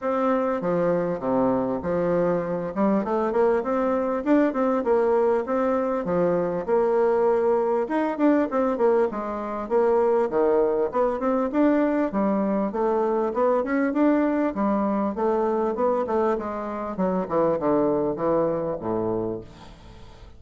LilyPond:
\new Staff \with { instrumentName = "bassoon" } { \time 4/4 \tempo 4 = 99 c'4 f4 c4 f4~ | f8 g8 a8 ais8 c'4 d'8 c'8 | ais4 c'4 f4 ais4~ | ais4 dis'8 d'8 c'8 ais8 gis4 |
ais4 dis4 b8 c'8 d'4 | g4 a4 b8 cis'8 d'4 | g4 a4 b8 a8 gis4 | fis8 e8 d4 e4 a,4 | }